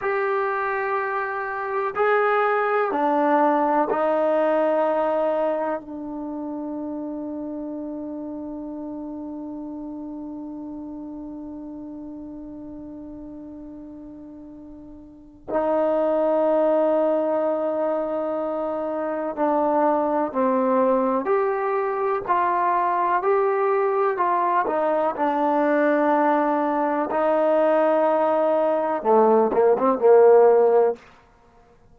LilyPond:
\new Staff \with { instrumentName = "trombone" } { \time 4/4 \tempo 4 = 62 g'2 gis'4 d'4 | dis'2 d'2~ | d'1~ | d'1 |
dis'1 | d'4 c'4 g'4 f'4 | g'4 f'8 dis'8 d'2 | dis'2 a8 ais16 c'16 ais4 | }